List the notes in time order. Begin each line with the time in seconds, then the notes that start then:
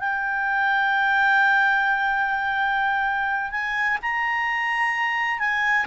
0.00 G5
3.52 G#5
4.02 A#5
5.39 G#5